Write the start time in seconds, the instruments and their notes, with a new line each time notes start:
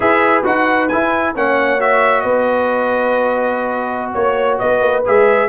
0.00 tuba E4, trombone G#4, horn B4, trumpet E5
0.44 tuba D#4, trombone F#4, trumpet F#5
0.88 trombone E4, tuba E4, trumpet G#5
1.35 tuba A#3, trombone C#4, horn C#5, trumpet F#5
1.79 trombone F#4, trumpet E5
2.21 tuba B3, horn B4, trumpet D#5
4.13 tuba A#3, trumpet C#5, horn C#5
4.58 tuba B3, horn B4, trumpet D#5
4.80 tuba A#3
5.05 tuba G#3, trombone G#4, trumpet E5